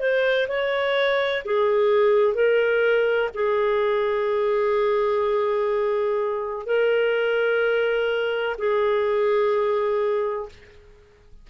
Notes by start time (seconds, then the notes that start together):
0.00 C5
0.48 C#5
1.45 G#4
2.35 A#4
3.35 G#4
6.66 A#4
8.58 G#4